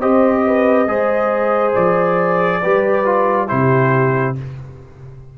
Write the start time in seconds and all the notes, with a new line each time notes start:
0.00 C4 G4 C5 D#5
0.47 B4
0.87 G#3 G#4 C5
1.75 F3 D5
2.61 G3 G4 B4
3.05 F4
3.48 C3 E4 G4 C5